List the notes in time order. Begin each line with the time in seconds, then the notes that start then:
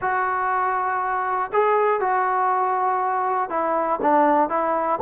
0.01 F#4
1.52 G#4
2.00 F#4
3.49 E4
4.02 D4
4.49 E4